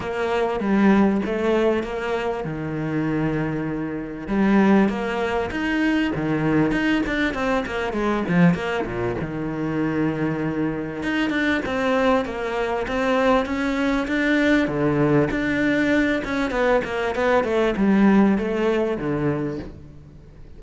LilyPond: \new Staff \with { instrumentName = "cello" } { \time 4/4 \tempo 4 = 98 ais4 g4 a4 ais4 | dis2. g4 | ais4 dis'4 dis4 dis'8 d'8 | c'8 ais8 gis8 f8 ais8 ais,8 dis4~ |
dis2 dis'8 d'8 c'4 | ais4 c'4 cis'4 d'4 | d4 d'4. cis'8 b8 ais8 | b8 a8 g4 a4 d4 | }